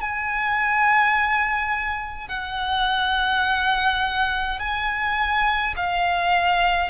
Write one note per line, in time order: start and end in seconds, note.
0.00 2.28 G#5
2.28 4.59 F#5
4.59 5.74 G#5
5.76 6.90 F5